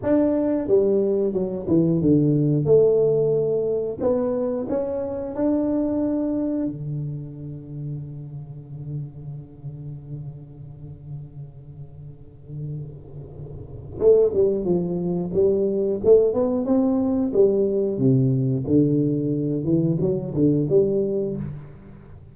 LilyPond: \new Staff \with { instrumentName = "tuba" } { \time 4/4 \tempo 4 = 90 d'4 g4 fis8 e8 d4 | a2 b4 cis'4 | d'2 d2~ | d1~ |
d1~ | d4 a8 g8 f4 g4 | a8 b8 c'4 g4 c4 | d4. e8 fis8 d8 g4 | }